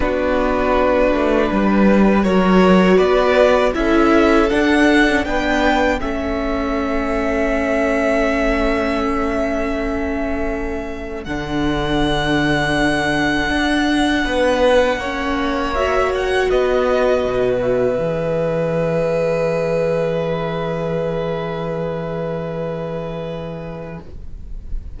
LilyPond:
<<
  \new Staff \with { instrumentName = "violin" } { \time 4/4 \tempo 4 = 80 b'2. cis''4 | d''4 e''4 fis''4 g''4 | e''1~ | e''2. fis''4~ |
fis''1~ | fis''4 e''8 fis''8 dis''4. e''8~ | e''1~ | e''1 | }
  \new Staff \with { instrumentName = "violin" } { \time 4/4 fis'2 b'4 ais'4 | b'4 a'2 b'4 | a'1~ | a'1~ |
a'2. b'4 | cis''2 b'2~ | b'1~ | b'1 | }
  \new Staff \with { instrumentName = "viola" } { \time 4/4 d'2. fis'4~ | fis'4 e'4 d'8. cis'16 d'4 | cis'1~ | cis'2. d'4~ |
d'1 | cis'4 fis'2. | gis'1~ | gis'1 | }
  \new Staff \with { instrumentName = "cello" } { \time 4/4 b4. a8 g4 fis4 | b4 cis'4 d'4 b4 | a1~ | a2. d4~ |
d2 d'4 b4 | ais2 b4 b,4 | e1~ | e1 | }
>>